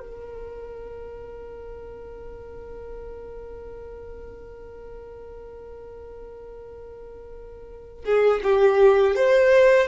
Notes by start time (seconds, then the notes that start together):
0.00 A#4
8.05 G#4
8.43 G4
9.16 C5